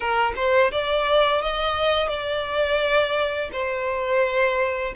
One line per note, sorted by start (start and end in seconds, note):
0.00 0.33 A#4
0.35 0.71 C5
0.71 1.41 D5
1.41 2.08 D#5
2.08 3.49 D5
3.52 4.93 C5